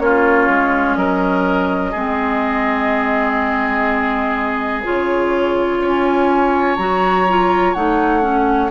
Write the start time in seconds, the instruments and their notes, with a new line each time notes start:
0.00 bassoon A#3, clarinet C#4, oboe F4, flute C#5
0.49 bassoon G#3
0.95 bassoon F#3, oboe A#4, flute D#5
1.91 bassoon G#3, clarinet C4, oboe G#4
4.84 bassoon C#3, clarinet F4, flute C#5
5.81 bassoon C#4, oboe C#5, flute G#5
6.77 bassoon F#3, clarinet F#4, flute A#5
7.29 clarinet F4
7.74 bassoon A3, clarinet D#4, flute F#5
8.22 clarinet C#4